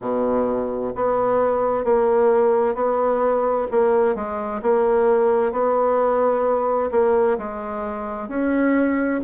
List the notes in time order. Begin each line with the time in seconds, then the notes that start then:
0.00 B2
0.95 B3
1.84 A#3
2.74 B3
3.71 A#3
4.15 G#3
4.62 A#3
5.51 B3
6.91 A#3
7.38 G#3
8.28 C#4